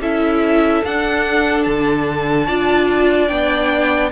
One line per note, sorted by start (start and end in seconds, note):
0.00 0.82 C#4
0.00 0.84 E4
0.00 2.46 A4
0.00 0.84 E5
0.85 1.66 D4
0.85 2.48 D4
0.85 1.63 F#5
1.63 2.49 D3
1.63 3.28 A5
2.46 3.31 D4
2.46 3.29 F4
2.46 4.10 D5
3.28 4.12 B3
3.28 4.11 D4
3.28 4.10 G5